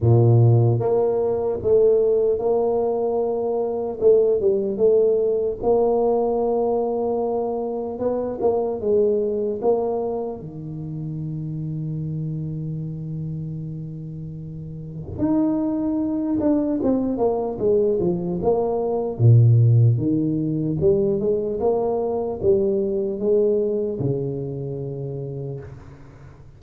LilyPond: \new Staff \with { instrumentName = "tuba" } { \time 4/4 \tempo 4 = 75 ais,4 ais4 a4 ais4~ | ais4 a8 g8 a4 ais4~ | ais2 b8 ais8 gis4 | ais4 dis2.~ |
dis2. dis'4~ | dis'8 d'8 c'8 ais8 gis8 f8 ais4 | ais,4 dis4 g8 gis8 ais4 | g4 gis4 cis2 | }